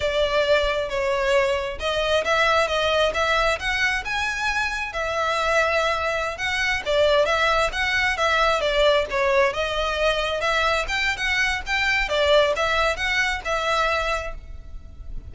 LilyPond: \new Staff \with { instrumentName = "violin" } { \time 4/4 \tempo 4 = 134 d''2 cis''2 | dis''4 e''4 dis''4 e''4 | fis''4 gis''2 e''4~ | e''2~ e''16 fis''4 d''8.~ |
d''16 e''4 fis''4 e''4 d''8.~ | d''16 cis''4 dis''2 e''8.~ | e''16 g''8. fis''4 g''4 d''4 | e''4 fis''4 e''2 | }